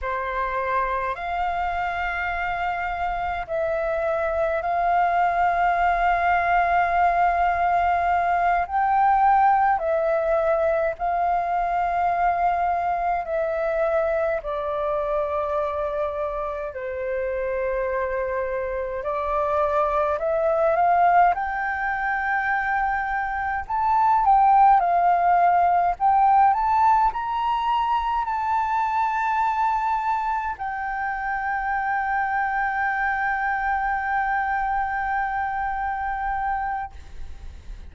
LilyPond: \new Staff \with { instrumentName = "flute" } { \time 4/4 \tempo 4 = 52 c''4 f''2 e''4 | f''2.~ f''8 g''8~ | g''8 e''4 f''2 e''8~ | e''8 d''2 c''4.~ |
c''8 d''4 e''8 f''8 g''4.~ | g''8 a''8 g''8 f''4 g''8 a''8 ais''8~ | ais''8 a''2 g''4.~ | g''1 | }